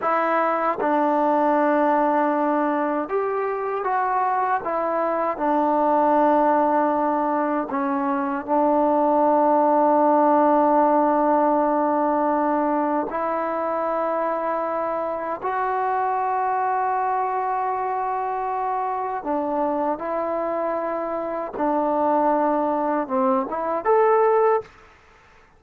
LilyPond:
\new Staff \with { instrumentName = "trombone" } { \time 4/4 \tempo 4 = 78 e'4 d'2. | g'4 fis'4 e'4 d'4~ | d'2 cis'4 d'4~ | d'1~ |
d'4 e'2. | fis'1~ | fis'4 d'4 e'2 | d'2 c'8 e'8 a'4 | }